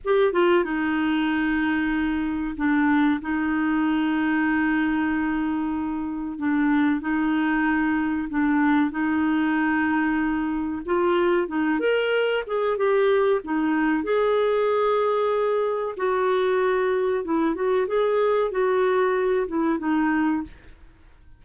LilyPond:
\new Staff \with { instrumentName = "clarinet" } { \time 4/4 \tempo 4 = 94 g'8 f'8 dis'2. | d'4 dis'2.~ | dis'2 d'4 dis'4~ | dis'4 d'4 dis'2~ |
dis'4 f'4 dis'8 ais'4 gis'8 | g'4 dis'4 gis'2~ | gis'4 fis'2 e'8 fis'8 | gis'4 fis'4. e'8 dis'4 | }